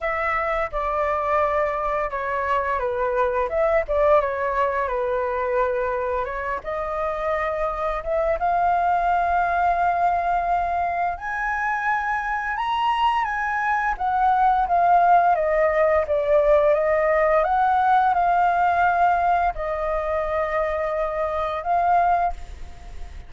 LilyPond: \new Staff \with { instrumentName = "flute" } { \time 4/4 \tempo 4 = 86 e''4 d''2 cis''4 | b'4 e''8 d''8 cis''4 b'4~ | b'4 cis''8 dis''2 e''8 | f''1 |
gis''2 ais''4 gis''4 | fis''4 f''4 dis''4 d''4 | dis''4 fis''4 f''2 | dis''2. f''4 | }